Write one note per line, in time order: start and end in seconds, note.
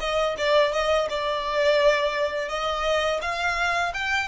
0.00 0.36 D#5
0.38 0.72 D5
0.72 1.08 D#5
1.10 2.49 D5
2.49 3.20 D#5
3.22 3.93 F5
3.94 4.28 G5